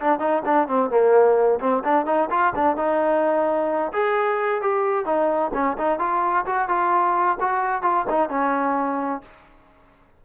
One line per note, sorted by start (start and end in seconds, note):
0.00 0.19 D4
0.19 0.42 D#4
0.45 0.68 D4
0.68 0.90 C4
0.90 1.59 A#3
1.60 1.83 C4
1.84 2.06 D4
2.06 2.29 D#4
2.30 2.53 F4
2.56 2.77 D4
2.77 3.92 D#4
3.93 4.62 G#4
4.62 5.05 G4
5.05 5.51 D#4
5.54 5.77 C#4
5.78 5.99 D#4
5.99 6.45 F4
6.46 6.68 F#4
6.68 7.38 F4
7.40 7.82 F#4
7.82 8.05 F4
8.09 8.30 D#4
8.30 9.22 C#4